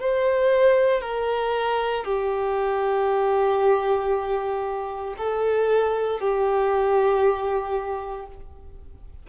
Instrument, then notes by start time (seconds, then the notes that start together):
violin
0.00 C5
1.01 A#4
2.04 G4
5.17 A4
6.20 G4